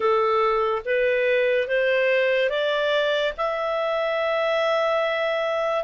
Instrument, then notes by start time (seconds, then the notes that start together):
clarinet
0.00 A4
0.85 B4
1.67 C5
2.49 D5
3.37 E5